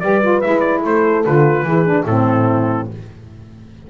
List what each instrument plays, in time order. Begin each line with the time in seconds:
0.00 double bass G3, saxophone G4, horn B4, trumpet D5
0.22 saxophone F4
0.42 double bass G#3, saxophone E4, trumpet E5
0.60 trumpet D5
0.81 double bass A3, horn A4, trumpet C5
1.25 double bass D3, saxophone F4, trumpet B4
1.63 double bass E3, saxophone E4, horn G#4
1.86 saxophone D4
2.05 double bass A2, saxophone C4, horn E4, trumpet A4